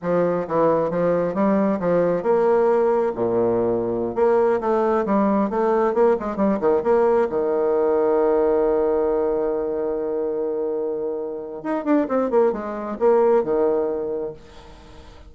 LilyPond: \new Staff \with { instrumentName = "bassoon" } { \time 4/4 \tempo 4 = 134 f4 e4 f4 g4 | f4 ais2 ais,4~ | ais,4~ ais,16 ais4 a4 g8.~ | g16 a4 ais8 gis8 g8 dis8 ais8.~ |
ais16 dis2.~ dis8.~ | dis1~ | dis2 dis'8 d'8 c'8 ais8 | gis4 ais4 dis2 | }